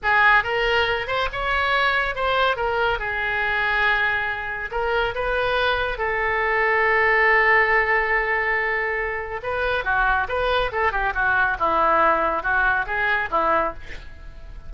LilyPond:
\new Staff \with { instrumentName = "oboe" } { \time 4/4 \tempo 4 = 140 gis'4 ais'4. c''8 cis''4~ | cis''4 c''4 ais'4 gis'4~ | gis'2. ais'4 | b'2 a'2~ |
a'1~ | a'2 b'4 fis'4 | b'4 a'8 g'8 fis'4 e'4~ | e'4 fis'4 gis'4 e'4 | }